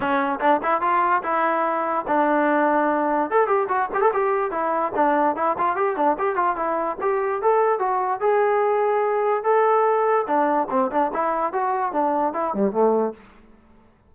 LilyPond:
\new Staff \with { instrumentName = "trombone" } { \time 4/4 \tempo 4 = 146 cis'4 d'8 e'8 f'4 e'4~ | e'4 d'2. | a'8 g'8 fis'8 g'16 a'16 g'4 e'4 | d'4 e'8 f'8 g'8 d'8 g'8 f'8 |
e'4 g'4 a'4 fis'4 | gis'2. a'4~ | a'4 d'4 c'8 d'8 e'4 | fis'4 d'4 e'8 g8 a4 | }